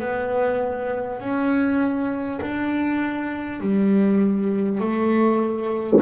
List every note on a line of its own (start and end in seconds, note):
0.00 1.20 B3
1.20 2.40 C#4
2.42 3.61 D4
3.61 4.81 G3
4.81 6.01 A3